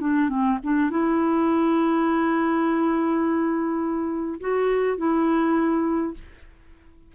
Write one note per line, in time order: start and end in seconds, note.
0.00 0.29 D4
0.29 0.58 C4
0.63 0.90 D4
0.90 4.40 E4
4.40 4.97 F#4
4.97 6.14 E4